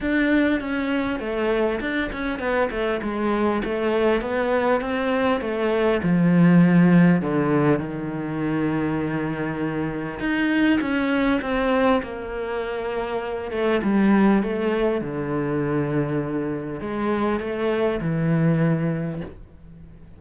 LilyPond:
\new Staff \with { instrumentName = "cello" } { \time 4/4 \tempo 4 = 100 d'4 cis'4 a4 d'8 cis'8 | b8 a8 gis4 a4 b4 | c'4 a4 f2 | d4 dis2.~ |
dis4 dis'4 cis'4 c'4 | ais2~ ais8 a8 g4 | a4 d2. | gis4 a4 e2 | }